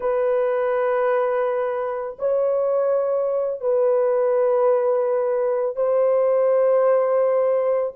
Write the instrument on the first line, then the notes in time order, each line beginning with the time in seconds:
horn
0.00 B4
2.18 C#5
3.60 B4
5.76 C5